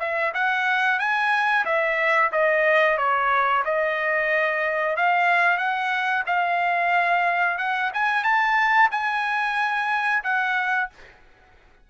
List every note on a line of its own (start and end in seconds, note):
0.00 0.33 E5
0.35 1.00 F#5
1.00 1.65 G#5
1.66 2.32 E5
2.33 2.98 D#5
2.98 3.64 C#5
3.65 4.97 D#5
4.97 5.58 F5
5.58 6.24 F#5
6.27 7.59 F5
7.59 7.92 F#5
7.94 8.24 G#5
8.24 8.90 A5
8.92 10.24 G#5
10.24 10.90 F#5